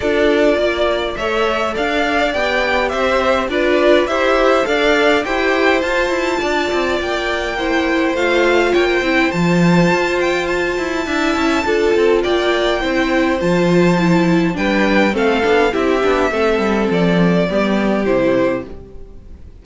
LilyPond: <<
  \new Staff \with { instrumentName = "violin" } { \time 4/4 \tempo 4 = 103 d''2 e''4 f''4 | g''4 e''4 d''4 e''4 | f''4 g''4 a''2 | g''2 f''4 g''4 |
a''4. g''8 a''2~ | a''4 g''2 a''4~ | a''4 g''4 f''4 e''4~ | e''4 d''2 c''4 | }
  \new Staff \with { instrumentName = "violin" } { \time 4/4 a'4 d''4 cis''4 d''4~ | d''4 c''4 b'4 c''4 | d''4 c''2 d''4~ | d''4 c''2 cis''16 c''8.~ |
c''2. e''4 | a'4 d''4 c''2~ | c''4 b'4 a'4 g'4 | a'2 g'2 | }
  \new Staff \with { instrumentName = "viola" } { \time 4/4 f'2 a'2 | g'2 f'4 g'4 | a'4 g'4 f'2~ | f'4 e'4 f'4. e'8 |
f'2. e'4 | f'2 e'4 f'4 | e'4 d'4 c'8 d'8 e'8 d'8 | c'2 b4 e'4 | }
  \new Staff \with { instrumentName = "cello" } { \time 4/4 d'4 ais4 a4 d'4 | b4 c'4 d'4 e'4 | d'4 e'4 f'8 e'8 d'8 c'8 | ais2 a4 ais8 c'8 |
f4 f'4. e'8 d'8 cis'8 | d'8 c'8 ais4 c'4 f4~ | f4 g4 a8 b8 c'8 b8 | a8 g8 f4 g4 c4 | }
>>